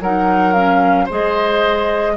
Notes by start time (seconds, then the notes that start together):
0.00 F#3 D#4 A#4 F#5
0.53 C#4 F5
1.05 G#3 G#4 C5 D#5